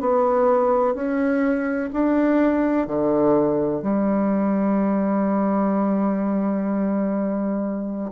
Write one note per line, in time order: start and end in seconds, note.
0.00 0.94 B3
0.94 1.90 C#4
1.93 2.87 D4
2.87 3.83 D3
3.83 8.11 G3